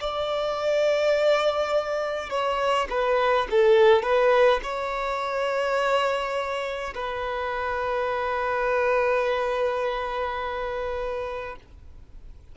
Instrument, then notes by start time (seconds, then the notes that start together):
violin
0.00 D5
2.30 C#5
2.90 B4
3.50 A4
4.02 B4
4.63 C#5
6.94 B4